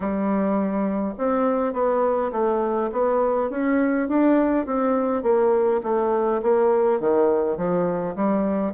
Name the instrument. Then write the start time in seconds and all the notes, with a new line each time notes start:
bassoon
0.00 G3
1.18 C4
1.73 B3
2.32 A3
2.92 B3
3.50 C#4
4.08 D4
4.65 C4
5.22 A#3
5.83 A3
6.42 A#3
7.00 D#3
7.57 F3
8.15 G3